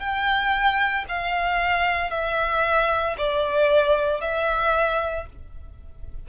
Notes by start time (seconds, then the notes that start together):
0.00 G5
1.09 F5
2.11 E5
3.18 D5
4.21 E5